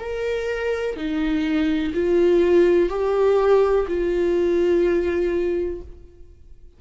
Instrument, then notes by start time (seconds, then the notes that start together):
viola
0.00 A#4
0.97 D#4
1.94 F4
2.90 G4
3.88 F4